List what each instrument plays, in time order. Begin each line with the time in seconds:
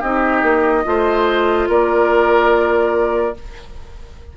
0.00 bassoon C4, clarinet D#4, oboe G4, flute D#5
0.43 bassoon A#3
0.84 bassoon A3, clarinet F4, oboe C5
1.69 bassoon A#3, oboe A#4, flute D5